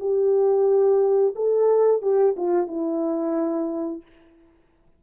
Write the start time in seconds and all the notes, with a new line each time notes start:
0.00 G4
1.35 A4
2.02 G4
2.37 F4
2.68 E4